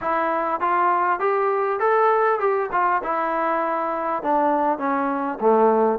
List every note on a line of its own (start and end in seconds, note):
0.01 0.60 E4
0.60 1.19 F4
1.19 1.79 G4
1.79 2.39 A4
2.39 2.69 G4
2.71 3.02 F4
3.03 4.22 E4
4.22 4.78 D4
4.78 5.38 C#4
5.40 5.99 A3